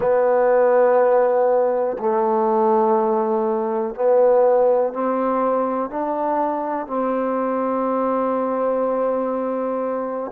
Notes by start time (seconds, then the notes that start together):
0.00 B3
1.99 A3
3.94 B3
4.93 C4
5.90 D4
6.86 C4